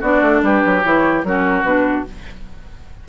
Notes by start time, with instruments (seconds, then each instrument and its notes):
0.00 bassoon B3, clarinet D4, oboe F#4, flute D5
0.21 bassoon A3
0.42 bassoon G3, oboe G4, flute B4
0.65 bassoon F#3
0.83 bassoon E3, clarinet E4, flute C#5
1.23 bassoon F#3, clarinet C#4, oboe F#4, flute A#4
1.63 bassoon B2, clarinet D4, flute B4